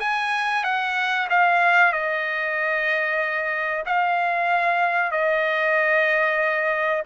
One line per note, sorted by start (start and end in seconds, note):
0.00 0.64 G#5
0.64 1.28 F#5
1.30 1.93 F5
1.93 3.84 D#5
3.86 5.12 F5
5.12 7.03 D#5